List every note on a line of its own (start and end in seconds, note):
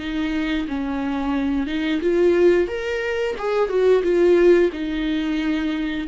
0.00 0.67 D#4
0.68 1.67 C#4
1.67 2.01 D#4
2.02 2.68 F4
2.68 3.36 A#4
3.39 3.69 G#4
3.69 4.03 F#4
4.04 4.71 F4
4.73 6.08 D#4